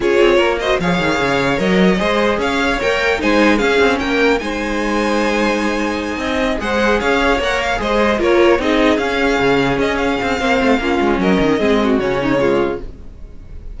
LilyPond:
<<
  \new Staff \with { instrumentName = "violin" } { \time 4/4 \tempo 4 = 150 cis''4. dis''8 f''2 | dis''2 f''4 g''4 | gis''4 f''4 g''4 gis''4~ | gis''1~ |
gis''8 fis''4 f''4 fis''8 f''8 dis''8~ | dis''8 cis''4 dis''4 f''4.~ | f''8 dis''8 f''2. | dis''2 cis''2 | }
  \new Staff \with { instrumentName = "violin" } { \time 4/4 gis'4 ais'8 c''8 cis''2~ | cis''4 c''4 cis''2 | c''4 gis'4 ais'4 c''4~ | c''2.~ c''8 dis''8~ |
dis''8 c''4 cis''2 c''8~ | c''8 ais'4 gis'2~ gis'8~ | gis'2 c''4 f'4 | ais'4 gis'8 fis'4 dis'8 f'4 | }
  \new Staff \with { instrumentName = "viola" } { \time 4/4 f'4. fis'8 gis'2 | ais'4 gis'2 ais'4 | dis'4 cis'2 dis'4~ | dis'1~ |
dis'8 gis'2 ais'4 gis'8~ | gis'8 f'4 dis'4 cis'4.~ | cis'2 c'4 cis'4~ | cis'4 c'4 cis'4 gis4 | }
  \new Staff \with { instrumentName = "cello" } { \time 4/4 cis'8 c'8 ais4 f8 dis8 cis4 | fis4 gis4 cis'4 ais4 | gis4 cis'8 c'8 ais4 gis4~ | gis2.~ gis8 c'8~ |
c'8 gis4 cis'4 ais4 gis8~ | gis8 ais4 c'4 cis'4 cis8~ | cis8 cis'4 c'8 ais8 a8 ais8 gis8 | fis8 dis8 gis4 cis2 | }
>>